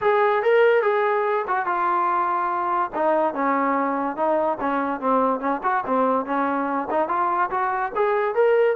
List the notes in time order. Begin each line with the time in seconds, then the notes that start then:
0.01 G#4
0.42 A#4
0.82 G#4
1.47 F#4
1.66 F4
2.95 D#4
3.33 C#4
4.16 D#4
4.59 C#4
5.00 C4
5.40 C#4
5.63 F#4
5.86 C4
6.25 C#4
6.90 D#4
7.08 F4
7.50 F#4
7.95 G#4
8.34 A#4